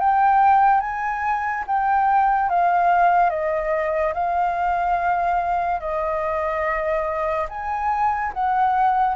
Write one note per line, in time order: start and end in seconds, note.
0.00 0.81 G5
0.81 1.64 G#5
1.67 2.49 G5
2.49 3.30 F5
3.30 4.13 D#5
4.14 5.80 F5
5.80 7.47 D#5
7.49 8.33 G#5
8.34 9.16 F#5